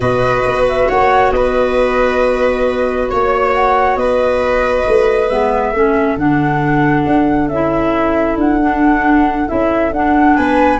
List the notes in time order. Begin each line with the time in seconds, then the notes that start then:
0.00 B2 F#4 B4 D#5
0.45 B3
0.68 E5
0.88 A#3 C#5 F#5
1.31 B3 B4 D#5
3.08 A#3 C#5
3.53 F#5
3.96 B3 B4 D#5
4.87 A3
5.29 G#3 B3 E5
5.72 A3 C#4 A4
6.16 D3 D4 F#5
7.06 D4
7.48 C#4 E4 E5
8.36 D4 F#5
8.60 D4
9.47 C#4 E4 E5
9.92 D4 F#5
10.35 B3 B4 G#5